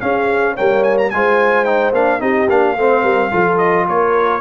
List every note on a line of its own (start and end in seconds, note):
0.00 0.56 C#4
0.00 0.57 C#4
0.00 0.54 G#4
0.00 0.55 F5
0.54 1.13 G3
0.54 1.12 A#3
0.54 1.09 C#5
0.54 0.83 G5
0.83 0.97 G#5
0.97 1.10 A#5
1.10 1.92 G#3
1.10 1.65 F4
1.10 2.21 C5
1.10 1.64 G#5
1.64 1.93 D#4
1.64 1.92 G5
1.92 2.19 A#3
1.92 2.20 D4
1.92 2.21 F5
2.20 2.48 C4
2.20 2.47 D#4
2.20 2.76 G4
2.20 2.48 D#5
2.49 2.76 A#3
2.49 2.77 D4
2.49 3.57 F5
2.76 3.03 A3
2.76 3.31 C4
2.76 3.02 C5
3.02 3.31 G3
3.02 3.30 A#4
3.31 3.87 F3
3.31 4.41 F4
3.31 3.86 A4
3.57 3.85 D#5
3.87 4.41 A#3
3.87 4.41 A#4
3.87 4.41 C#5